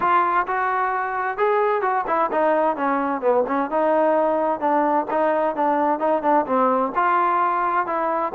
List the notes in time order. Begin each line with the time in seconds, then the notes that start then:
0.00 F4
0.47 F#4
1.37 G#4
1.81 F#4
2.07 E4
2.31 D#4
2.76 C#4
3.21 B3
3.47 C#4
3.70 D#4
4.59 D4
5.10 D#4
5.55 D4
5.99 D#4
6.22 D4
6.46 C4
6.95 F4
7.86 E4